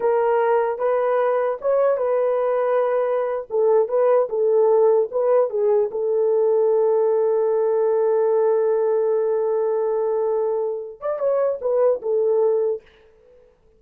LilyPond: \new Staff \with { instrumentName = "horn" } { \time 4/4 \tempo 4 = 150 ais'2 b'2 | cis''4 b'2.~ | b'8. a'4 b'4 a'4~ a'16~ | a'8. b'4 gis'4 a'4~ a'16~ |
a'1~ | a'1~ | a'2.~ a'8 d''8 | cis''4 b'4 a'2 | }